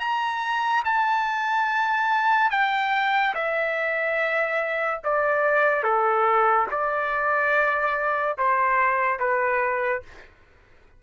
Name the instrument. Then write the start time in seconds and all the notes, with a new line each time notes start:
trumpet
0.00 A#5
0.85 A5
2.51 G5
3.35 E5
5.04 D5
5.83 A4
6.71 D5
8.38 C5
9.20 B4